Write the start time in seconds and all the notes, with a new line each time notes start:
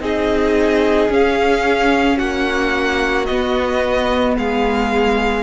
0.00 C4 D#4 G#4 D#5
1.09 C#4 F5
2.17 A#3 F#4 F#5
3.26 B3 D#5
4.37 G#3 G#4 F5